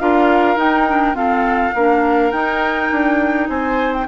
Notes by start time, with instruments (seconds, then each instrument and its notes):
0.00 bassoon D4, clarinet F4, oboe A#4, flute F5
0.56 bassoon D#4, clarinet D#4, flute G5
0.88 clarinet D4
1.14 clarinet C4, bassoon F4, oboe A4, flute F5
1.75 bassoon A#3, clarinet D4, oboe A#4
2.31 bassoon D#4, clarinet D#4, flute G5
2.92 bassoon D4
3.49 bassoon C4, oboe C5, flute G#5
3.94 flute G5